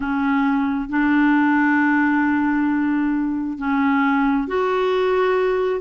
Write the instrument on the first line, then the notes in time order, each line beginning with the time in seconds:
clarinet
0.00 C#4
0.89 D4
3.57 C#4
4.47 F#4